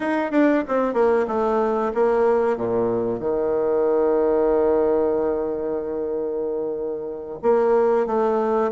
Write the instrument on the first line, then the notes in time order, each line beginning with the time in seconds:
bassoon
0.00 D#4
0.31 D4
0.68 C4
0.93 A#3
1.27 A3
1.94 A#3
2.57 A#2
3.19 D#3
7.42 A#3
8.06 A3